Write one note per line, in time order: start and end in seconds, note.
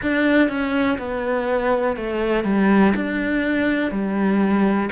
0.02 0.48 D4
0.48 0.97 C#4
0.98 1.96 B3
1.96 2.44 A3
2.44 2.92 G3
2.95 3.91 D4
3.91 4.89 G3